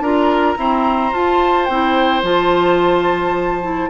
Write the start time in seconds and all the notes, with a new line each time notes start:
0.00 D4 F4 A#4 A#5
0.57 C4 E4 C5
1.12 F4 A5
1.65 C4 E4 G5
2.22 F3 F4 A5
3.62 E4